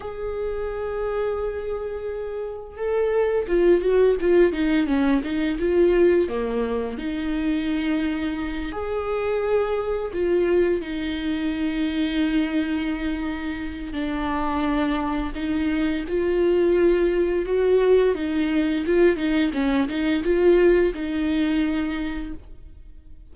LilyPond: \new Staff \with { instrumentName = "viola" } { \time 4/4 \tempo 4 = 86 gis'1 | a'4 f'8 fis'8 f'8 dis'8 cis'8 dis'8 | f'4 ais4 dis'2~ | dis'8 gis'2 f'4 dis'8~ |
dis'1 | d'2 dis'4 f'4~ | f'4 fis'4 dis'4 f'8 dis'8 | cis'8 dis'8 f'4 dis'2 | }